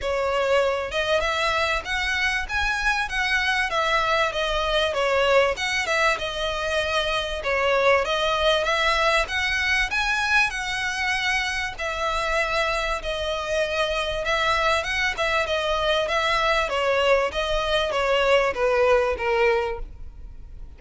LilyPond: \new Staff \with { instrumentName = "violin" } { \time 4/4 \tempo 4 = 97 cis''4. dis''8 e''4 fis''4 | gis''4 fis''4 e''4 dis''4 | cis''4 fis''8 e''8 dis''2 | cis''4 dis''4 e''4 fis''4 |
gis''4 fis''2 e''4~ | e''4 dis''2 e''4 | fis''8 e''8 dis''4 e''4 cis''4 | dis''4 cis''4 b'4 ais'4 | }